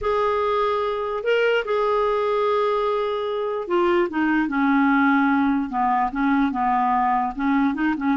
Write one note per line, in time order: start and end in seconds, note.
0.01 1.23 G#4
1.23 1.64 A#4
1.64 3.67 G#4
3.67 4.08 F4
4.09 4.48 D#4
4.48 5.69 C#4
5.69 6.10 B3
6.11 6.51 C#4
6.51 7.33 B3
7.35 7.74 C#4
7.74 7.94 D#4
7.97 8.17 C#4